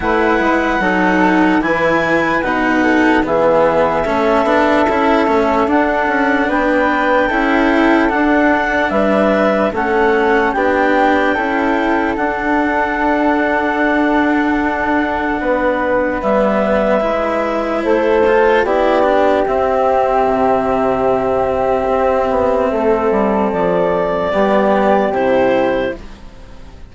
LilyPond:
<<
  \new Staff \with { instrumentName = "clarinet" } { \time 4/4 \tempo 4 = 74 fis''2 gis''4 fis''4 | e''2. fis''4 | g''2 fis''4 e''4 | fis''4 g''2 fis''4~ |
fis''1 | e''2 c''4 d''4 | e''1~ | e''4 d''2 c''4 | }
  \new Staff \with { instrumentName = "flute" } { \time 4/4 b'4 a'4 b'4. a'8 | gis'4 a'2. | b'4 a'2 b'4 | a'4 g'4 a'2~ |
a'2. b'4~ | b'2 a'4 g'4~ | g'1 | a'2 g'2 | }
  \new Staff \with { instrumentName = "cello" } { \time 4/4 e'4 dis'4 e'4 dis'4 | b4 cis'8 d'8 e'8 cis'8 d'4~ | d'4 e'4 d'2 | cis'4 d'4 e'4 d'4~ |
d'1 | b4 e'4. f'8 e'8 d'8 | c'1~ | c'2 b4 e'4 | }
  \new Staff \with { instrumentName = "bassoon" } { \time 4/4 a8 gis8 fis4 e4 b,4 | e4 a8 b8 cis'8 a8 d'8 cis'8 | b4 cis'4 d'4 g4 | a4 b4 cis'4 d'4~ |
d'2. b4 | g4 gis4 a4 b4 | c'4 c2 c'8 b8 | a8 g8 f4 g4 c4 | }
>>